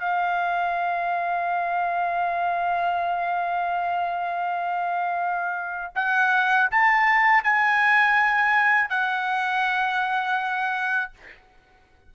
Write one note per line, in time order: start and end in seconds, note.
0.00 5.93 F5
5.96 6.70 F#5
6.71 7.44 A5
7.44 8.90 G#5
8.90 11.12 F#5